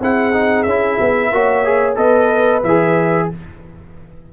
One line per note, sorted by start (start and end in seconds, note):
0.00 0.65 C4
0.00 0.33 E4
0.00 1.31 G#4
0.00 0.63 F#5
0.33 0.65 D#4
0.63 0.98 C#4
0.63 1.93 E5
0.69 1.32 E4
1.00 1.31 B3
1.31 1.96 A#3
1.31 1.64 F#4
1.31 1.98 C#5
1.64 1.96 G#4
1.96 2.62 B3
1.96 2.61 A4
1.96 3.29 B4
1.96 2.62 D#5
2.63 3.28 E3
2.63 3.32 G#4
2.63 3.29 E5